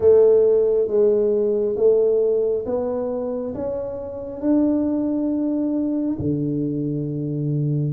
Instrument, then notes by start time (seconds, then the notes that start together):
tuba
0.00 A3
0.87 G#3
1.76 A3
2.65 B3
3.54 C#4
4.40 D4
6.18 D3